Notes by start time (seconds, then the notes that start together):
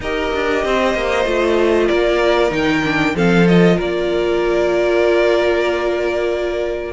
0.00 D#4 G4 A#4 D#5
0.33 D4
0.64 C4 C5
0.94 A#3
1.25 A3 F4
1.87 A#3 A#4 D5
2.50 D#3 D#4 G5
2.84 D4
3.15 F3 C4 A4 F5
3.46 F4 D#5
3.76 A#3 A#4 D5